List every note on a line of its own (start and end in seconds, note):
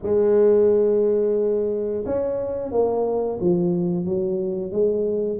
0.02 2.04 G#3
2.05 2.71 C#4
2.71 3.39 A#3
3.40 4.04 F3
4.04 4.71 F#3
4.71 5.39 G#3